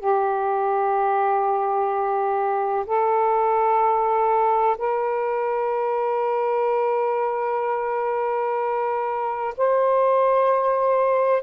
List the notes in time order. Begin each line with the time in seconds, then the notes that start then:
0.00 G4
2.87 A4
4.79 A#4
9.58 C5